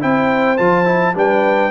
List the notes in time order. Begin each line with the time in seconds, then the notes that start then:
0.00 C4 E4 C5 G5
0.57 F3 F4 A5
0.85 E4
1.15 G3 D4 B4 G5